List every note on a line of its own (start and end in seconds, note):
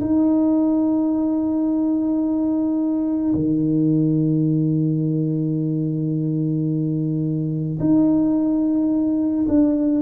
0.00 3.33 D#4
3.34 7.78 D#3
7.79 9.46 D#4
9.48 10.01 D4